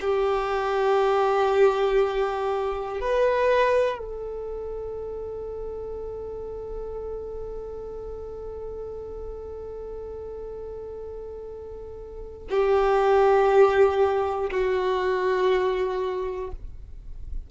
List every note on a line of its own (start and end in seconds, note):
0.00 3.00 G4
3.00 3.98 B4
3.98 12.48 A4
12.50 14.50 G4
14.50 16.50 F#4